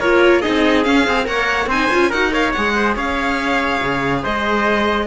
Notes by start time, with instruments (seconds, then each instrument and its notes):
0.00 cello A#3, viola F4, trumpet A#4, violin C#5
0.42 viola D#4, trumpet G#4, violin D#5
0.48 cello C4
0.84 viola C#4, cello C#4, violin F5
1.07 cello C4, viola G#4
1.25 cello A#3, viola A#4, trumpet C#5, violin F#5
1.66 cello C4, viola D#4, trumpet C5, violin G#5
1.91 cello C#4, viola F4
2.10 cello D#4, viola F#4, trumpet A#4, violin F#5
2.31 viola A#4, trumpet C#5, violin F5
2.52 cello G#3, viola G#4, violin F#5
2.76 trumpet C5
2.96 cello C#4, trumpet C#5, violin F5
3.82 cello C#3
4.23 cello G#3, trumpet C5, violin D#5